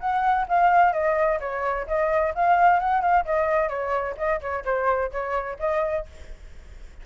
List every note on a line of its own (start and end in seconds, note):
0.00 0.47 F#5
0.48 0.93 F5
0.93 1.39 D#5
1.40 1.86 C#5
1.87 2.34 D#5
2.35 2.80 F5
2.80 3.01 F#5
3.01 3.25 F5
3.25 3.69 D#5
3.69 4.15 C#5
4.17 4.41 D#5
4.41 4.64 C#5
4.65 5.11 C5
5.12 5.58 C#5
5.59 6.06 D#5